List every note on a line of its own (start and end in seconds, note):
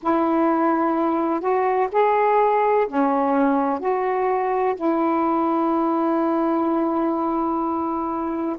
0.02 1.40 E4
1.40 1.88 F#4
1.92 2.87 G#4
2.87 3.79 C#4
3.79 4.74 F#4
4.75 8.56 E4